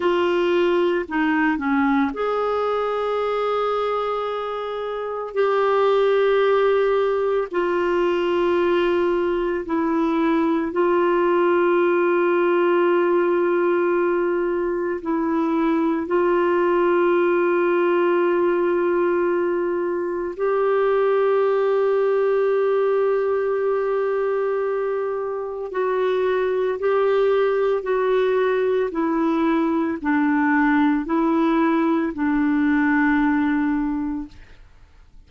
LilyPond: \new Staff \with { instrumentName = "clarinet" } { \time 4/4 \tempo 4 = 56 f'4 dis'8 cis'8 gis'2~ | gis'4 g'2 f'4~ | f'4 e'4 f'2~ | f'2 e'4 f'4~ |
f'2. g'4~ | g'1 | fis'4 g'4 fis'4 e'4 | d'4 e'4 d'2 | }